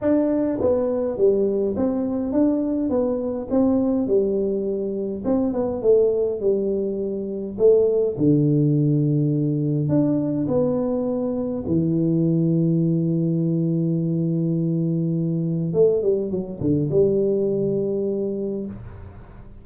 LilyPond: \new Staff \with { instrumentName = "tuba" } { \time 4/4 \tempo 4 = 103 d'4 b4 g4 c'4 | d'4 b4 c'4 g4~ | g4 c'8 b8 a4 g4~ | g4 a4 d2~ |
d4 d'4 b2 | e1~ | e2. a8 g8 | fis8 d8 g2. | }